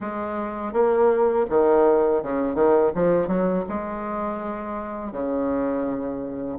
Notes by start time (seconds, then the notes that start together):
0.00 G#3
0.73 A#3
1.49 D#3
2.23 C#3
2.54 D#3
2.94 F3
3.27 F#3
3.69 G#3
5.12 C#3